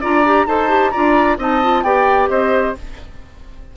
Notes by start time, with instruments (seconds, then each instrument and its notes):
0.00 bassoon D4, clarinet F4, oboe D5, flute A#5
0.25 clarinet G4
0.46 bassoon D#4, clarinet A4, oboe C5, flute A5
0.68 clarinet G4
0.90 bassoon D4, clarinet F4, oboe D5, flute A#5
1.38 bassoon C4, clarinet D#4, oboe D#5, flute A5
1.62 clarinet F4
1.82 bassoon B3, clarinet G4, oboe D5, flute G5
2.29 bassoon C4, oboe C5, flute D#5